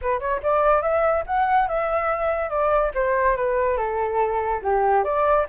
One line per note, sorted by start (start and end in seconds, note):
0.01 0.19 B4
0.19 0.40 C#5
0.42 0.82 D5
0.82 1.24 E5
1.26 1.68 F#5
1.68 2.49 E5
2.49 2.91 D5
2.94 3.36 C5
3.36 3.77 B4
3.77 4.61 A4
4.62 5.03 G4
5.03 5.45 D5